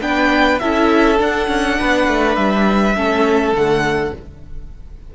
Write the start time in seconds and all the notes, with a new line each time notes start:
0.00 B3 D4 B4 G5
0.58 C#4 E4 A4 E5
1.17 D4 F#5
1.48 C#4
1.78 B3 B4
2.07 A3
2.35 G3 E5
2.95 A3 C#4 A4
3.52 D3 A3 F#5